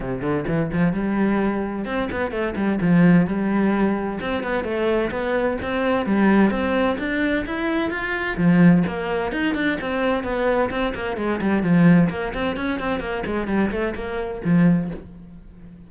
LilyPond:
\new Staff \with { instrumentName = "cello" } { \time 4/4 \tempo 4 = 129 c8 d8 e8 f8 g2 | c'8 b8 a8 g8 f4 g4~ | g4 c'8 b8 a4 b4 | c'4 g4 c'4 d'4 |
e'4 f'4 f4 ais4 | dis'8 d'8 c'4 b4 c'8 ais8 | gis8 g8 f4 ais8 c'8 cis'8 c'8 | ais8 gis8 g8 a8 ais4 f4 | }